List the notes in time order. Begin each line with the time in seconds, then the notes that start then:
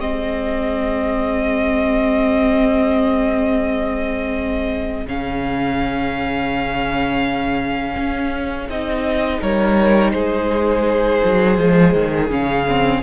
0.00 G#3 C4 G#4 D#5
5.06 C#3 C#4 F5
7.97 C#4
8.69 C4 D#4 D#5
9.40 G3 A#4 C#5
10.11 G#3 G#4 C5
11.24 F#3
11.57 F3 G#3
11.94 D#3
12.30 C#3 C#4 F5
12.67 C4